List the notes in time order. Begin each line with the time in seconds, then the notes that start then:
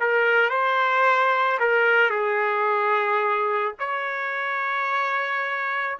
0.00 A#4
0.50 C5
1.60 A#4
2.10 G#4
3.79 C#5